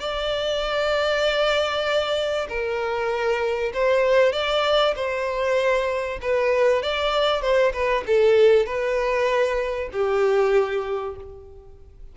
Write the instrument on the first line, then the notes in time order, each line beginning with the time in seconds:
violin
0.00 D5
2.49 A#4
3.74 C5
4.33 D5
4.96 C5
6.22 B4
6.83 D5
7.42 C5
7.73 B4
8.07 A4
8.66 B4
9.93 G4